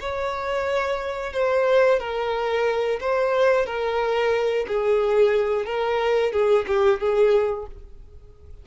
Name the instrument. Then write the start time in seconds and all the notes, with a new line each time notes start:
violin
0.00 C#5
1.33 C5
2.00 A#4
3.01 C5
3.66 A#4
4.68 G#4
5.66 A#4
6.32 G#4
6.68 G4
7.00 G#4